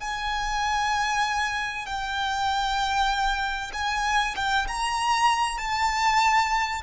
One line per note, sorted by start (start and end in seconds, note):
0.00 1.86 G#5
1.86 3.71 G5
3.73 4.35 G#5
4.36 4.66 G5
4.67 5.58 A#5
5.58 6.82 A5